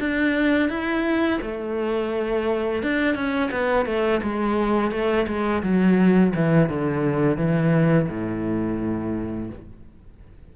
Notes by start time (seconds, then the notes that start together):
0.00 D4
0.69 E4
1.42 A3
2.83 D4
3.15 C#4
3.51 B3
3.86 A3
4.23 G#3
4.91 A3
5.27 G#3
5.63 F#3
6.35 E3
6.69 D3
7.37 E3
8.09 A2